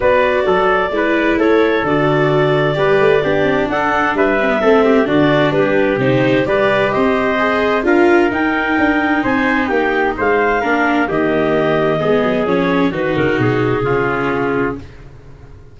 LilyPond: <<
  \new Staff \with { instrumentName = "clarinet" } { \time 4/4 \tempo 4 = 130 d''2. cis''4 | d''1 | fis''4 e''2 d''4 | b'4 c''4 d''4 dis''4~ |
dis''4 f''4 g''2 | gis''4 g''4 f''2 | dis''2. cis''4 | b'8 ais'8 gis'2. | }
  \new Staff \with { instrumentName = "trumpet" } { \time 4/4 b'4 a'4 b'4 a'4~ | a'2 b'4 g'4 | a'4 b'4 a'8 g'8 fis'4 | g'2 b'4 c''4~ |
c''4 ais'2. | c''4 g'4 c''4 ais'4 | g'2 gis'2 | fis'2 f'2 | }
  \new Staff \with { instrumentName = "viola" } { \time 4/4 fis'2 e'2 | fis'2 g'4 d'4~ | d'4. c'16 b16 c'4 d'4~ | d'4 dis'4 g'2 |
gis'4 f'4 dis'2~ | dis'2. d'4 | ais2 b4 cis'4 | dis'2 cis'2 | }
  \new Staff \with { instrumentName = "tuba" } { \time 4/4 b4 fis4 gis4 a4 | d2 g8 a8 b8 c'8 | d'4 g4 a4 d4 | g4 c4 g4 c'4~ |
c'4 d'4 dis'4 d'4 | c'4 ais4 gis4 ais4 | dis2 gis8 fis8 f4 | dis8 cis8 b,4 cis2 | }
>>